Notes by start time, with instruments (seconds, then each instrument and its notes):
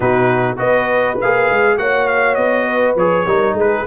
0.00 tuba B2, trombone D#4, horn F#4, trumpet B4
0.56 tuba B3, trombone F#4, horn B4, trumpet D#5
1.20 tuba A#3, trombone G#4, trumpet F5
1.49 tuba G#3
1.77 tuba A#3, trombone F#4, horn C#5, trumpet F#5
2.07 trumpet F5
2.35 tuba B3, trumpet D#5
2.66 horn B4
2.95 tuba F3, trombone G#4, trumpet C#5
3.25 tuba G3, trombone D#4, horn A#4
3.53 tuba G#3, horn G#4
3.59 trumpet B4